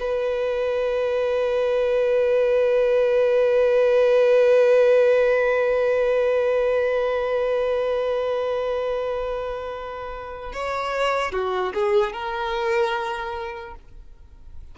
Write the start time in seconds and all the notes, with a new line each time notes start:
0.00 B4
10.53 C#5
11.32 F#4
11.74 G#4
12.13 A#4